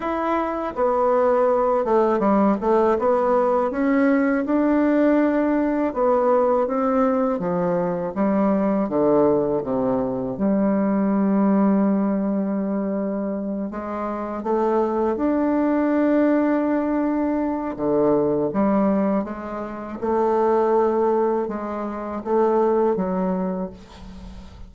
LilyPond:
\new Staff \with { instrumentName = "bassoon" } { \time 4/4 \tempo 4 = 81 e'4 b4. a8 g8 a8 | b4 cis'4 d'2 | b4 c'4 f4 g4 | d4 c4 g2~ |
g2~ g8 gis4 a8~ | a8 d'2.~ d'8 | d4 g4 gis4 a4~ | a4 gis4 a4 fis4 | }